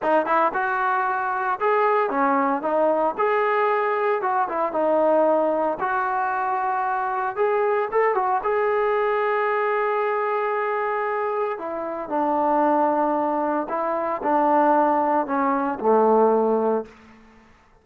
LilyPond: \new Staff \with { instrumentName = "trombone" } { \time 4/4 \tempo 4 = 114 dis'8 e'8 fis'2 gis'4 | cis'4 dis'4 gis'2 | fis'8 e'8 dis'2 fis'4~ | fis'2 gis'4 a'8 fis'8 |
gis'1~ | gis'2 e'4 d'4~ | d'2 e'4 d'4~ | d'4 cis'4 a2 | }